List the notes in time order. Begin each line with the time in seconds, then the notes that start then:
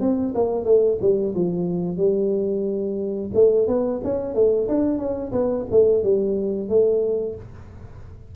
0.00 C4
0.34 A#3
0.65 A3
1.01 G3
1.35 F3
1.97 G3
3.34 A3
3.67 B3
4.04 C#4
4.34 A3
4.68 D4
4.98 C#4
5.32 B3
5.71 A3
6.03 G3
6.69 A3